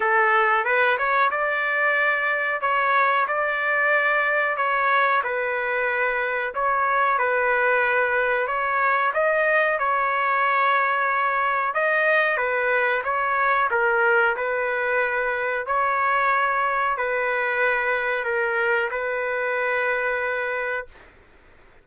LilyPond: \new Staff \with { instrumentName = "trumpet" } { \time 4/4 \tempo 4 = 92 a'4 b'8 cis''8 d''2 | cis''4 d''2 cis''4 | b'2 cis''4 b'4~ | b'4 cis''4 dis''4 cis''4~ |
cis''2 dis''4 b'4 | cis''4 ais'4 b'2 | cis''2 b'2 | ais'4 b'2. | }